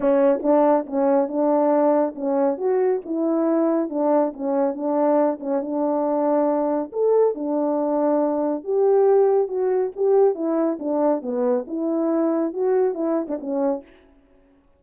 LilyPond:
\new Staff \with { instrumentName = "horn" } { \time 4/4 \tempo 4 = 139 cis'4 d'4 cis'4 d'4~ | d'4 cis'4 fis'4 e'4~ | e'4 d'4 cis'4 d'4~ | d'8 cis'8 d'2. |
a'4 d'2. | g'2 fis'4 g'4 | e'4 d'4 b4 e'4~ | e'4 fis'4 e'8. d'16 cis'4 | }